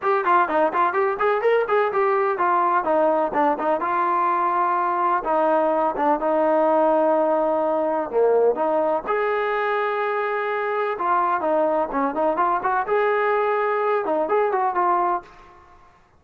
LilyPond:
\new Staff \with { instrumentName = "trombone" } { \time 4/4 \tempo 4 = 126 g'8 f'8 dis'8 f'8 g'8 gis'8 ais'8 gis'8 | g'4 f'4 dis'4 d'8 dis'8 | f'2. dis'4~ | dis'8 d'8 dis'2.~ |
dis'4 ais4 dis'4 gis'4~ | gis'2. f'4 | dis'4 cis'8 dis'8 f'8 fis'8 gis'4~ | gis'4. dis'8 gis'8 fis'8 f'4 | }